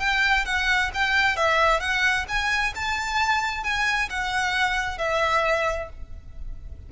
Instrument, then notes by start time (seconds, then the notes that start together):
violin
0.00 G5
0.46 F#5
0.95 G5
1.37 E5
1.81 F#5
2.29 G#5
2.75 A5
3.64 G#5
4.10 F#5
4.99 E5